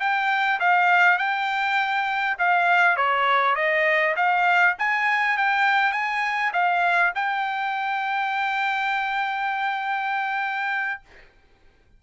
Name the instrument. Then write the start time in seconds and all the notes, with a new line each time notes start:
trumpet
0.00 G5
0.60 F5
1.19 G5
2.39 F5
2.97 C#5
3.56 D#5
4.17 F5
4.79 G#5
5.38 G5
5.93 G#5
6.53 F5
7.15 G5